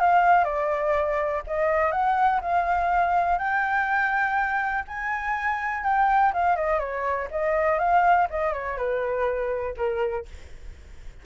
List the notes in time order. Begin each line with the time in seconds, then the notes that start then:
0.00 F5
0.44 D5
1.47 D#5
1.92 F#5
2.41 F5
3.38 G5
4.88 G#5
5.84 G5
6.33 F5
6.56 D#5
6.79 C#5
7.31 D#5
7.79 F5
8.30 D#5
8.53 C#5
8.77 B4
9.76 A#4